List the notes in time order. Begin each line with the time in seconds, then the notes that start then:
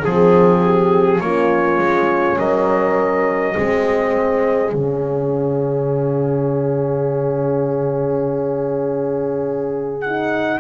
0.00 F3 C4 G#4
0.64 G4
1.21 A#3 C#4 F4 C#5
1.78 G#3
2.38 F#3 A#4 D#5
3.55 G#3 C4 G#4
4.73 C#3 C#4 F5
10.01 D#4 F#5